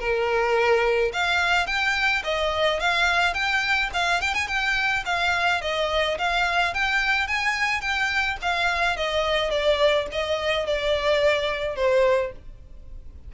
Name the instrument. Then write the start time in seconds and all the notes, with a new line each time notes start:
violin
0.00 A#4
1.13 F5
1.67 G5
2.24 D#5
2.80 F5
3.34 G5
3.94 F5
4.22 G5
4.35 G#5
4.48 G5
5.06 F5
5.62 D#5
6.19 F5
6.74 G5
7.28 G#5
7.81 G5
8.42 F5
8.97 D#5
9.51 D5
10.12 D#5
10.67 D5
11.76 C5